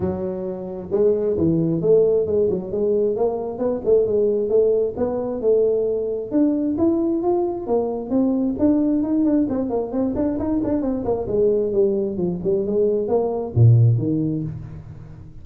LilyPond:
\new Staff \with { instrumentName = "tuba" } { \time 4/4 \tempo 4 = 133 fis2 gis4 e4 | a4 gis8 fis8 gis4 ais4 | b8 a8 gis4 a4 b4 | a2 d'4 e'4 |
f'4 ais4 c'4 d'4 | dis'8 d'8 c'8 ais8 c'8 d'8 dis'8 d'8 | c'8 ais8 gis4 g4 f8 g8 | gis4 ais4 ais,4 dis4 | }